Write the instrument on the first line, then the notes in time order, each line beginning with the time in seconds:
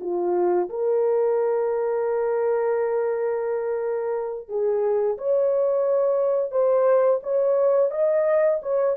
horn
0.00 F4
0.69 A#4
4.48 G#4
5.18 C#5
6.51 C5
7.23 C#5
7.91 D#5
8.62 C#5